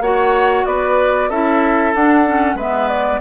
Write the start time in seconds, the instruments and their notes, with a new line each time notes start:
0.00 bassoon A#3, clarinet F#4, oboe C#5, flute F#5
0.65 bassoon B3, oboe B4, flute D5
1.29 bassoon C#4, clarinet E4, oboe A4, flute E5
1.94 bassoon D4, clarinet D4, flute F#5
2.26 clarinet C#4
2.55 bassoon G#3, clarinet B3, oboe B4, flute E5
2.88 flute D5